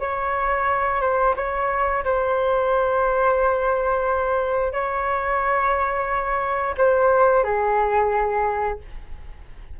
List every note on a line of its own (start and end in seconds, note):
0.00 1.01 C#5
1.01 1.35 C5
1.36 2.04 C#5
2.04 4.73 C5
4.73 6.75 C#5
6.78 7.44 C5
7.44 8.79 G#4